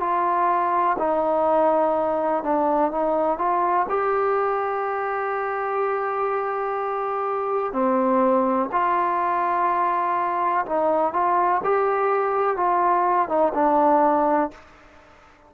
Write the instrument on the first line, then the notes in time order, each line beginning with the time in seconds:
trombone
0.00 F4
0.99 D#4
2.43 D4
2.91 D#4
3.38 F4
3.89 G4
7.72 C4
8.71 F4
10.65 D#4
11.13 F4
11.64 G4
12.56 F4
13.28 D#4
13.54 D4